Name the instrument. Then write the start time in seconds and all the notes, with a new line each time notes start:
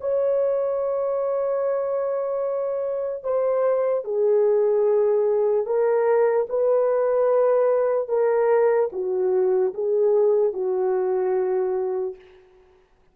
horn
0.00 C#5
3.24 C5
4.04 G#4
5.66 A#4
6.49 B4
8.08 A#4
8.92 F#4
9.74 G#4
10.53 F#4